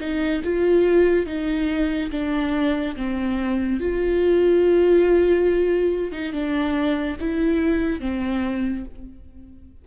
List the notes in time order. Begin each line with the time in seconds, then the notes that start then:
0.00 D#4
0.44 F4
1.26 D#4
2.11 D4
2.96 C4
3.80 F4
6.12 D#4
6.33 D4
7.20 E4
8.01 C4